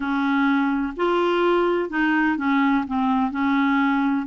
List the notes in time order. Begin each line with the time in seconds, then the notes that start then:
0.00 C#4
0.96 F4
1.89 D#4
2.37 C#4
2.87 C4
3.31 C#4